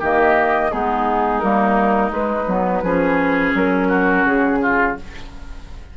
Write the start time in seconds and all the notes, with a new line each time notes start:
0.00 D#3 A#3 G4 D#5
0.72 G#3 B3 D#4 G#4
1.40 G3 A#3 A#4
2.10 G#3 B4
2.47 F#3 B3
2.83 F3 C#4 G#4
3.54 F#3 A#4
3.88 F#4
4.25 C#3 G#4
4.62 F4